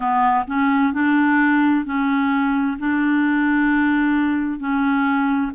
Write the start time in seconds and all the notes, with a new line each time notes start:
0.00 B3
0.47 C#4
0.93 D4
1.85 C#4
2.78 D4
4.59 C#4